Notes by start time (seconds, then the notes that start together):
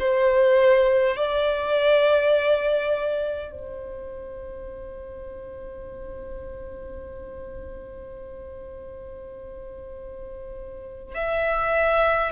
0.00 C5
1.17 D5
3.51 C5
11.15 E5